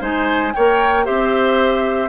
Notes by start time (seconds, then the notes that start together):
0.00 G#3 D#4 C5 G#5
0.53 A#3 A#4 C#5 G5
1.05 C4 G4 C5 E5